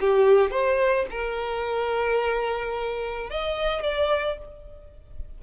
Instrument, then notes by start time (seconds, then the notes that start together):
violin
0.00 G4
0.51 C5
1.10 A#4
3.30 D#5
3.83 D5